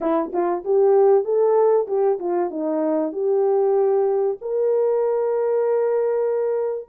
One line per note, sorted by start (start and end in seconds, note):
0.01 0.32 E4
0.32 0.64 F4
0.64 1.24 G4
1.24 1.87 A4
1.87 2.18 G4
2.19 2.50 F4
2.50 3.12 D#4
3.12 4.37 G4
4.41 6.88 A#4